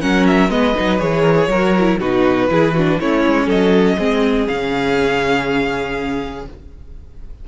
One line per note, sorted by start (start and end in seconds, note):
0.00 0.49 F#3
0.00 0.50 C#4
0.00 0.51 A#4
0.00 0.26 F#5
0.26 0.50 E5
0.49 0.74 G#3
0.49 0.74 B3
0.49 1.21 B4
0.49 0.99 D#5
0.75 1.00 F#3
0.75 0.98 D#4
0.98 1.47 E3
0.98 1.48 G#4
0.98 1.99 C#5
1.21 1.33 A#4
1.36 1.49 G#4
1.47 1.97 F#3
1.47 1.77 F#4
1.47 2.00 A#4
1.80 2.00 E4
1.99 2.49 B2
1.99 2.48 D#4
1.99 2.49 F#4
1.99 3.00 B4
2.48 2.99 E3
2.48 2.73 E4
2.48 2.74 G#4
2.74 3.01 D4
2.74 2.99 F#4
3.00 3.25 A3
3.00 3.98 C#4
3.00 3.46 E4
3.00 3.49 C#5
3.26 3.47 G#3
3.46 3.97 F#3
3.46 3.96 A4
3.46 4.47 D#5
3.98 4.48 G#3
3.98 4.48 C4
3.98 6.46 G#4
4.47 6.48 C#3
4.47 6.46 C#4
4.47 6.45 F5